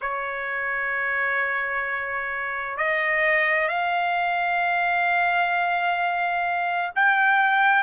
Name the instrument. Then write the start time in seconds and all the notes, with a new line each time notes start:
trumpet
0.01 C#5
2.77 D#5
3.68 F5
6.95 G5